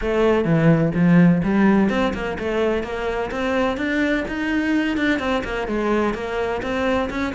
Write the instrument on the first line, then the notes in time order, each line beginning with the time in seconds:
cello
0.01 A3
0.44 E3
0.94 F3
1.43 G3
1.89 C4
2.14 A#3
2.38 A3
2.83 A#3
3.31 C4
3.77 D4
4.28 D#4
4.97 D4
5.19 C4
5.43 A#3
5.67 G#3
6.14 A#3
6.62 C4
7.10 C#4